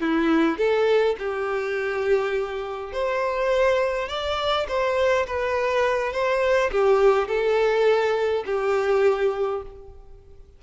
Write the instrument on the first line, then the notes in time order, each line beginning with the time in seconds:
violin
0.00 E4
0.57 A4
1.18 G4
2.92 C5
4.08 D5
4.68 C5
5.26 B4
6.12 C5
6.71 G4
7.28 A4
8.46 G4